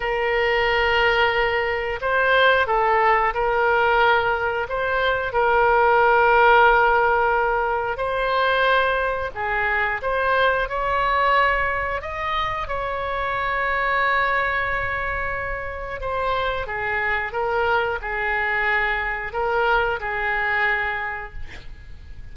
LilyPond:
\new Staff \with { instrumentName = "oboe" } { \time 4/4 \tempo 4 = 90 ais'2. c''4 | a'4 ais'2 c''4 | ais'1 | c''2 gis'4 c''4 |
cis''2 dis''4 cis''4~ | cis''1 | c''4 gis'4 ais'4 gis'4~ | gis'4 ais'4 gis'2 | }